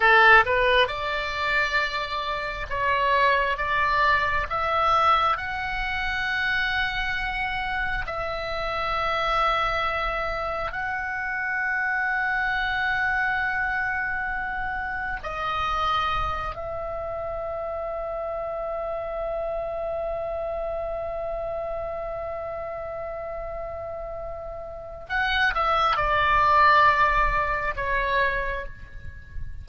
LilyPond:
\new Staff \with { instrumentName = "oboe" } { \time 4/4 \tempo 4 = 67 a'8 b'8 d''2 cis''4 | d''4 e''4 fis''2~ | fis''4 e''2. | fis''1~ |
fis''4 dis''4. e''4.~ | e''1~ | e''1 | fis''8 e''8 d''2 cis''4 | }